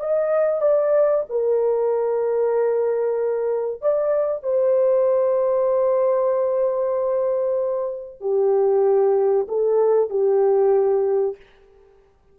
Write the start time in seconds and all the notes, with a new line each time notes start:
0.00 D#5
0.62 D5
1.29 A#4
3.82 D5
4.43 C5
8.21 G4
9.49 A4
10.10 G4